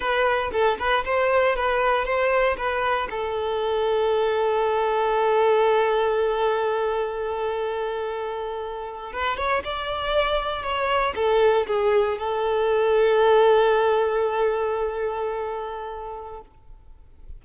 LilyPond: \new Staff \with { instrumentName = "violin" } { \time 4/4 \tempo 4 = 117 b'4 a'8 b'8 c''4 b'4 | c''4 b'4 a'2~ | a'1~ | a'1~ |
a'4.~ a'16 b'8 cis''8 d''4~ d''16~ | d''8. cis''4 a'4 gis'4 a'16~ | a'1~ | a'1 | }